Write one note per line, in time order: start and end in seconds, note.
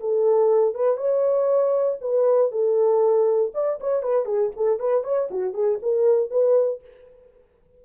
0.00 0.74 A4
0.74 0.97 B4
0.97 1.98 C#5
2.01 2.51 B4
2.51 3.52 A4
3.54 3.79 D5
3.80 4.02 C#5
4.02 4.25 B4
4.25 4.50 G#4
4.56 4.79 A4
4.79 5.04 B4
5.04 5.29 C#5
5.30 5.53 F#4
5.53 5.78 G#4
5.82 6.30 A#4
6.30 6.81 B4